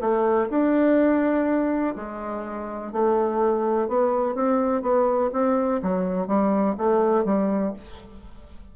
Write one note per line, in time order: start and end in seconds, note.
0.00 0.48 A3
0.50 1.95 D4
1.95 2.92 G#3
2.92 3.88 A3
3.88 4.34 B3
4.34 4.81 C4
4.81 5.30 B3
5.32 5.81 C4
5.82 6.27 F#3
6.27 6.75 G3
6.77 7.25 A3
7.25 7.73 G3